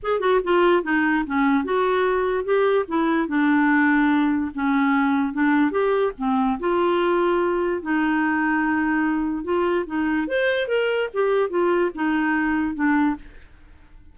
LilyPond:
\new Staff \with { instrumentName = "clarinet" } { \time 4/4 \tempo 4 = 146 gis'8 fis'8 f'4 dis'4 cis'4 | fis'2 g'4 e'4 | d'2. cis'4~ | cis'4 d'4 g'4 c'4 |
f'2. dis'4~ | dis'2. f'4 | dis'4 c''4 ais'4 g'4 | f'4 dis'2 d'4 | }